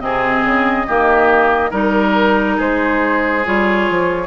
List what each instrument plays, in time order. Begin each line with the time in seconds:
0.00 bassoon C3, clarinet C4, oboe G#4, flute D#5
0.44 bassoon C#3
0.87 bassoon D#3, clarinet A#3, oboe G4
1.70 bassoon G3, clarinet D#4, oboe A#4, flute A#4
2.57 bassoon G#3, oboe G#4, flute C5
3.45 bassoon G3, clarinet F4, flute C#5
3.90 bassoon F3